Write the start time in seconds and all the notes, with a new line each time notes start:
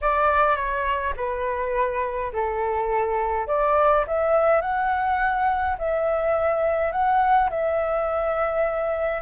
0.01 D5
0.56 C#5
1.16 B4
2.32 A4
3.47 D5
4.07 E5
4.61 F#5
5.78 E5
6.92 F#5
7.49 E5